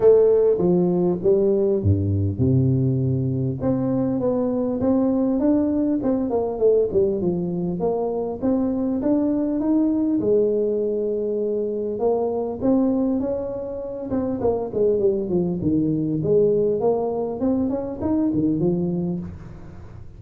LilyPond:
\new Staff \with { instrumentName = "tuba" } { \time 4/4 \tempo 4 = 100 a4 f4 g4 g,4 | c2 c'4 b4 | c'4 d'4 c'8 ais8 a8 g8 | f4 ais4 c'4 d'4 |
dis'4 gis2. | ais4 c'4 cis'4. c'8 | ais8 gis8 g8 f8 dis4 gis4 | ais4 c'8 cis'8 dis'8 dis8 f4 | }